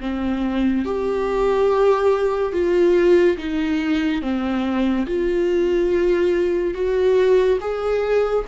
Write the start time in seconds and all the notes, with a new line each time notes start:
0.00 C4
0.85 G4
2.52 F4
3.37 D#4
4.22 C4
5.06 F4
6.74 F#4
7.60 G#4